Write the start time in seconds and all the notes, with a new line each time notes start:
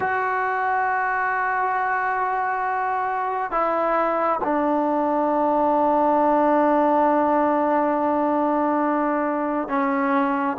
0.00 F#4
3.51 E4
4.44 D4
9.68 C#4